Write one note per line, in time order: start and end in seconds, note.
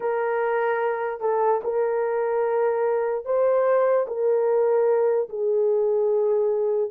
0.00 1.20 A#4
1.20 1.61 A4
1.63 3.25 A#4
3.25 4.06 C5
4.07 5.29 A#4
5.29 6.90 G#4